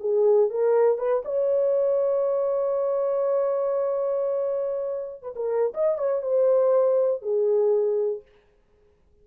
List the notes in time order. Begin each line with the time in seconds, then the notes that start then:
0.00 G#4
0.50 A#4
0.98 B4
1.25 C#5
5.22 B4
5.36 A#4
5.74 D#5
5.98 C#5
6.22 C5
7.22 G#4